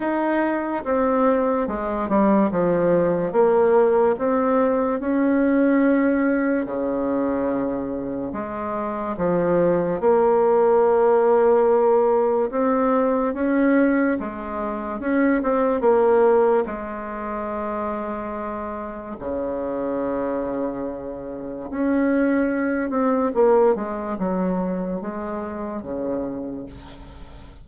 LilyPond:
\new Staff \with { instrumentName = "bassoon" } { \time 4/4 \tempo 4 = 72 dis'4 c'4 gis8 g8 f4 | ais4 c'4 cis'2 | cis2 gis4 f4 | ais2. c'4 |
cis'4 gis4 cis'8 c'8 ais4 | gis2. cis4~ | cis2 cis'4. c'8 | ais8 gis8 fis4 gis4 cis4 | }